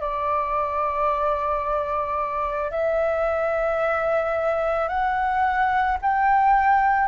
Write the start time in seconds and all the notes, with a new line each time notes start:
0.00 D5
2.70 E5
4.88 F#5
6.01 G5